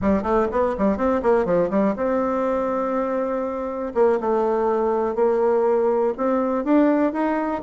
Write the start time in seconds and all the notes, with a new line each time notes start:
0.01 G3
0.22 A3
0.51 B3
0.78 G3
0.97 C4
1.22 A#3
1.45 F3
1.70 G3
1.96 C4
3.94 A#3
4.20 A3
5.15 A#3
6.17 C4
6.64 D4
7.12 D#4